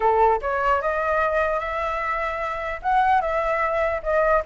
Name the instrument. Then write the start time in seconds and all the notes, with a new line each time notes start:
flute
0.00 A4
0.41 C#5
0.81 D#5
1.59 E5
2.82 F#5
3.21 E5
4.02 D#5